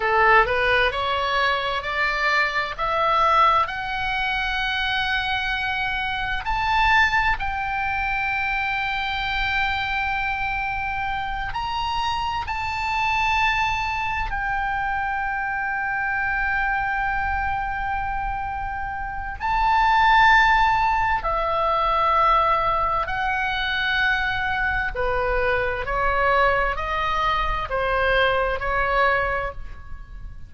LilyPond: \new Staff \with { instrumentName = "oboe" } { \time 4/4 \tempo 4 = 65 a'8 b'8 cis''4 d''4 e''4 | fis''2. a''4 | g''1~ | g''8 ais''4 a''2 g''8~ |
g''1~ | g''4 a''2 e''4~ | e''4 fis''2 b'4 | cis''4 dis''4 c''4 cis''4 | }